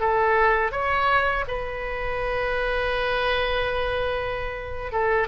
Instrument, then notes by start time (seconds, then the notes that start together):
oboe
0.00 A4
0.72 C#5
1.48 B4
4.92 A4